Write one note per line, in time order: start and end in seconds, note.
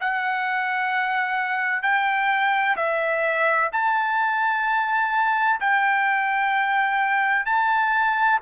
0.00 1.82 F#5
1.82 2.76 G5
2.76 3.70 E5
3.72 5.60 A5
5.60 7.45 G5
7.45 8.39 A5